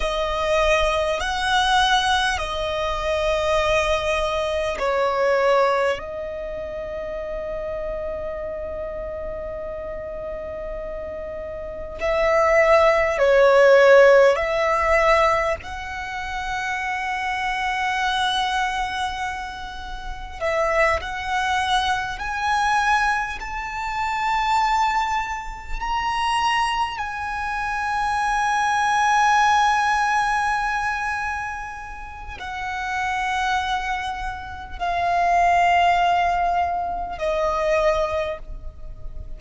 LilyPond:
\new Staff \with { instrumentName = "violin" } { \time 4/4 \tempo 4 = 50 dis''4 fis''4 dis''2 | cis''4 dis''2.~ | dis''2 e''4 cis''4 | e''4 fis''2.~ |
fis''4 e''8 fis''4 gis''4 a''8~ | a''4. ais''4 gis''4.~ | gis''2. fis''4~ | fis''4 f''2 dis''4 | }